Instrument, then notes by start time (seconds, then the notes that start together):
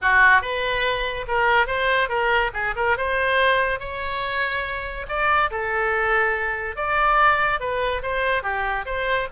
oboe
0.01 F#4
0.41 B4
1.27 A#4
1.67 C5
2.09 A#4
2.53 G#4
2.76 A#4
2.97 C5
3.79 C#5
5.08 D5
5.50 A4
6.76 D5
7.60 B4
8.02 C5
8.43 G4
8.85 C5